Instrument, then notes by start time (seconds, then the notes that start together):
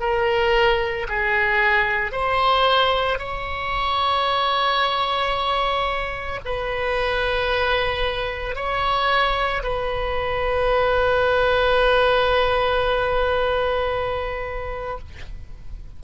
oboe
0.00 A#4
1.09 G#4
2.12 C5
3.19 C#5
6.45 B4
8.55 C#5
9.63 B4